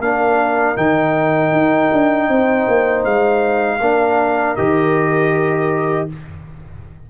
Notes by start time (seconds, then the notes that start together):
0.00 A#3 D4 A#4 F5
0.76 D#3 D#4 G5
1.52 D#4
1.93 D4
2.29 C4 C5
2.68 A#3
3.05 G#3 F5
3.80 A#3 D4 A#4
4.56 D#3 G4 D#5